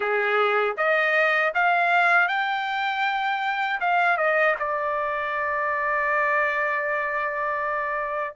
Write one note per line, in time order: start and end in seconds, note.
0.00 0.76 G#4
0.77 1.53 D#5
1.54 2.28 F5
2.28 3.79 G5
3.80 4.17 F5
4.17 4.55 D#5
4.59 8.35 D5